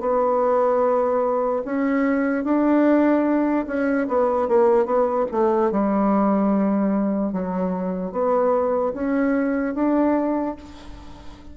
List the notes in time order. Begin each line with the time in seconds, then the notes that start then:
0.00 B3
1.65 C#4
2.44 D4
3.67 C#4
4.08 B3
4.48 A#3
4.85 B3
5.31 A3
5.71 G3
7.33 F#3
8.12 B3
8.94 C#4
9.75 D4